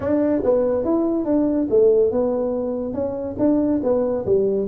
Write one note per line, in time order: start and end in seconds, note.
0.00 0.42 D4
0.43 0.84 B3
0.84 1.25 E4
1.25 1.67 D4
1.69 2.11 A3
2.11 2.93 B3
2.93 3.36 C#4
3.38 3.81 D4
3.83 4.25 B3
4.25 4.67 G3